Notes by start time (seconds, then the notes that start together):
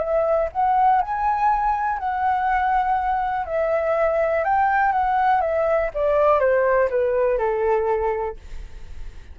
0.00 E5
0.53 F#5
1.02 G#5
1.99 F#5
3.46 E5
4.45 G5
4.92 F#5
5.41 E5
5.95 D5
6.40 C5
6.90 B4
7.39 A4